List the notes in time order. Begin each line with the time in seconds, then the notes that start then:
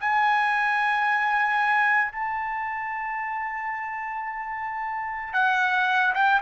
0.00 G#5
2.12 A5
5.33 F#5
6.15 G5